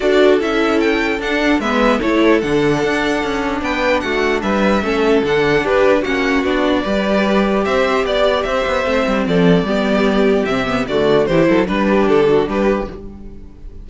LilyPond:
<<
  \new Staff \with { instrumentName = "violin" } { \time 4/4 \tempo 4 = 149 d''4 e''4 g''4 fis''4 | e''4 cis''4 fis''2~ | fis''4 g''4 fis''4 e''4~ | e''4 fis''4 b'4 fis''4 |
d''2. e''4 | d''4 e''2 d''4~ | d''2 e''4 d''4 | c''4 b'4 a'4 b'4 | }
  \new Staff \with { instrumentName = "violin" } { \time 4/4 a'1 | b'4 a'2.~ | a'4 b'4 fis'4 b'4 | a'2 g'4 fis'4~ |
fis'4 b'2 c''4 | d''4 c''2 a'4 | g'2. fis'4 | g'8 a'8 b'8 g'4 fis'8 g'4 | }
  \new Staff \with { instrumentName = "viola" } { \time 4/4 fis'4 e'2 d'4 | b4 e'4 d'2~ | d'1 | cis'4 d'2 cis'4 |
d'4 g'2.~ | g'2 c'2 | b2 c'8 b8 a4 | e'4 d'2. | }
  \new Staff \with { instrumentName = "cello" } { \time 4/4 d'4 cis'2 d'4 | gis4 a4 d4 d'4 | cis'4 b4 a4 g4 | a4 d4 d'4 ais4 |
b4 g2 c'4 | b4 c'8 b8 a8 g8 f4 | g2 c4 d4 | e8 fis8 g4 d4 g4 | }
>>